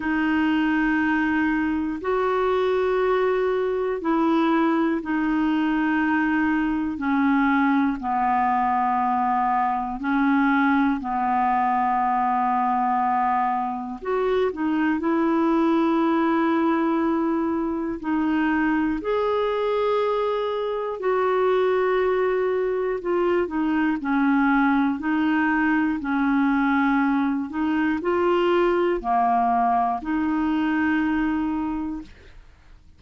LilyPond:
\new Staff \with { instrumentName = "clarinet" } { \time 4/4 \tempo 4 = 60 dis'2 fis'2 | e'4 dis'2 cis'4 | b2 cis'4 b4~ | b2 fis'8 dis'8 e'4~ |
e'2 dis'4 gis'4~ | gis'4 fis'2 f'8 dis'8 | cis'4 dis'4 cis'4. dis'8 | f'4 ais4 dis'2 | }